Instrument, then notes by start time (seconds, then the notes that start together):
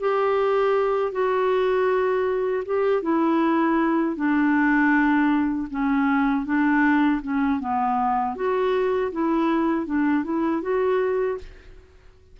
clarinet
0.00 G4
1.12 F#4
2.65 G4
3.02 E4
4.16 D4
5.70 C#4
6.45 D4
7.22 C#4
7.60 B3
8.35 F#4
9.12 E4
9.86 D4
10.24 E4
10.62 F#4